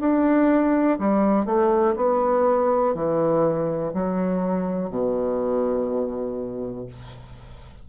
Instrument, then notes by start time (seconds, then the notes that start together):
bassoon
0.00 D4
0.99 G3
1.46 A3
1.96 B3
2.95 E3
3.93 F#3
4.90 B2